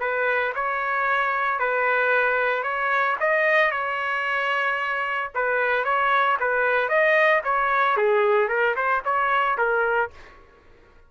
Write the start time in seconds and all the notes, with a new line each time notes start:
0.00 B4
0.55 C#5
1.59 B4
2.63 C#5
3.20 D#5
3.71 C#5
5.35 B4
5.84 C#5
6.40 B4
6.88 D#5
7.44 C#5
7.97 G#4
8.48 A#4
8.76 C5
9.05 C#5
9.57 A#4